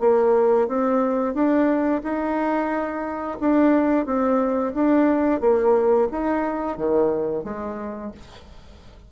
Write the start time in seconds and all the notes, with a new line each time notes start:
0.00 A#3
0.67 C4
1.34 D4
2.03 D#4
3.40 D4
4.05 C4
4.74 D4
5.40 A#3
6.11 D#4
6.77 D#3
7.44 G#3